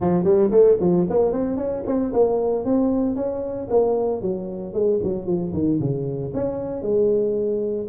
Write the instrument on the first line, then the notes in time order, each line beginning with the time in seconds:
tuba
0.00 F3
0.24 G3
0.50 A3
0.80 F3
1.09 A#3
1.32 C4
1.56 C#4
1.86 C4
2.13 A#3
2.64 C4
3.15 C#4
3.70 A#3
4.21 F#3
4.73 G#3
5.03 F#3
5.26 F3
5.53 D#3
5.80 C#3
6.33 C#4
6.82 G#3